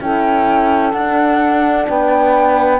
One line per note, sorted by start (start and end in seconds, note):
0.00 0.93 C#4
0.00 0.94 E4
0.00 1.88 A4
0.00 0.92 G5
0.92 1.87 D4
0.92 2.79 D4
0.92 1.86 F#5
1.88 2.79 B3
1.88 2.79 B4
1.88 2.79 G5